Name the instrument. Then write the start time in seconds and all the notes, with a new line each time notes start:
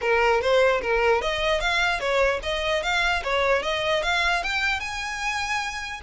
violin
0.01 A#4
0.41 C5
0.81 A#4
1.21 D#5
1.60 F5
2.00 C#5
2.42 D#5
2.82 F5
3.23 C#5
3.62 D#5
4.02 F5
4.43 G5
4.79 G#5